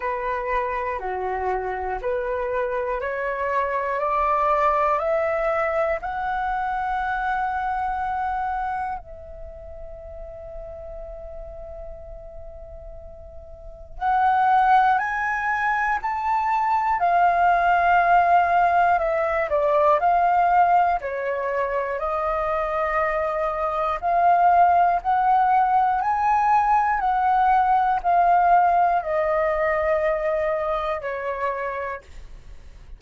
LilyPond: \new Staff \with { instrumentName = "flute" } { \time 4/4 \tempo 4 = 60 b'4 fis'4 b'4 cis''4 | d''4 e''4 fis''2~ | fis''4 e''2.~ | e''2 fis''4 gis''4 |
a''4 f''2 e''8 d''8 | f''4 cis''4 dis''2 | f''4 fis''4 gis''4 fis''4 | f''4 dis''2 cis''4 | }